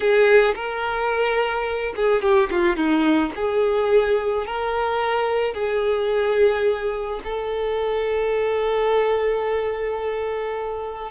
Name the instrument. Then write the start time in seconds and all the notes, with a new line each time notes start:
violin
0.00 G#4
0.55 A#4
1.95 G#4
2.21 G4
2.51 F4
2.76 D#4
3.35 G#4
4.46 A#4
5.54 G#4
7.24 A4